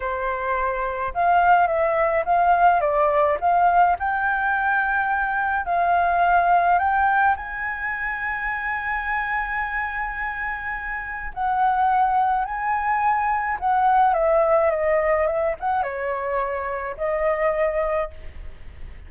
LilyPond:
\new Staff \with { instrumentName = "flute" } { \time 4/4 \tempo 4 = 106 c''2 f''4 e''4 | f''4 d''4 f''4 g''4~ | g''2 f''2 | g''4 gis''2.~ |
gis''1 | fis''2 gis''2 | fis''4 e''4 dis''4 e''8 fis''8 | cis''2 dis''2 | }